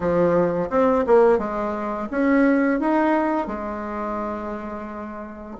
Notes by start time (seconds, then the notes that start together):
0.00 F3
0.70 C4
1.07 A#3
1.38 G#3
2.10 C#4
2.79 D#4
3.47 G#3